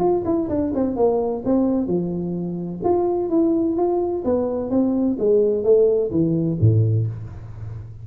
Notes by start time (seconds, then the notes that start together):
0.00 F4
0.26 E4
0.49 D4
0.75 C4
0.97 A#3
1.46 C4
1.87 F3
2.84 F4
3.30 E4
3.76 F4
4.25 B3
4.71 C4
5.19 G#3
5.64 A3
6.11 E3
6.61 A2